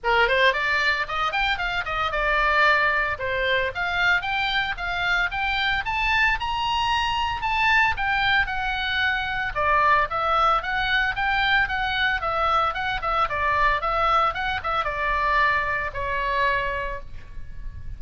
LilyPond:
\new Staff \with { instrumentName = "oboe" } { \time 4/4 \tempo 4 = 113 ais'8 c''8 d''4 dis''8 g''8 f''8 dis''8 | d''2 c''4 f''4 | g''4 f''4 g''4 a''4 | ais''2 a''4 g''4 |
fis''2 d''4 e''4 | fis''4 g''4 fis''4 e''4 | fis''8 e''8 d''4 e''4 fis''8 e''8 | d''2 cis''2 | }